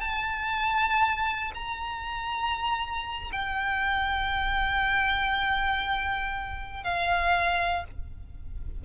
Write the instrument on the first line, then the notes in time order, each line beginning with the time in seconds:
violin
0.00 A5
1.54 A#5
3.32 G5
6.83 F5